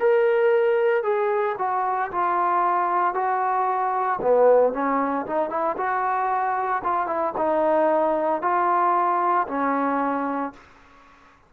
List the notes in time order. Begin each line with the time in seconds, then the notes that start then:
0.00 A#4
1.03 G#4
1.58 F#4
2.11 F4
3.14 F#4
4.22 B3
4.73 C#4
5.26 D#4
5.50 E4
5.78 F#4
6.84 F4
7.07 E4
7.38 D#4
8.42 F4
9.48 C#4